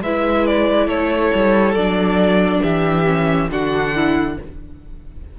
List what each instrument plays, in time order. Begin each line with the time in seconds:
0.00 cello G#3, viola E4, violin B4 E5
0.46 violin D5
0.87 cello A3, violin A4 C#5
1.34 cello G3
1.74 cello F#3, viola D4, violin D5
2.61 cello E3, violin G4 E5
3.05 viola C#4
3.50 cello D3, viola D4, violin F#4 F#5
3.95 violin E4